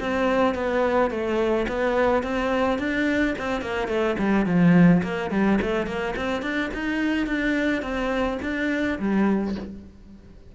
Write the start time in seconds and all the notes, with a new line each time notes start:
0.00 C4
0.55 B3
1.11 A3
1.68 B3
2.23 C4
2.79 D4
3.38 C4
3.61 A#3
3.88 A3
4.19 G3
4.46 F3
5.03 A#3
5.31 G3
5.61 A3
5.86 A#3
6.16 C4
6.42 D4
6.74 D#4
7.27 D4
7.82 C4
8.42 D4
8.99 G3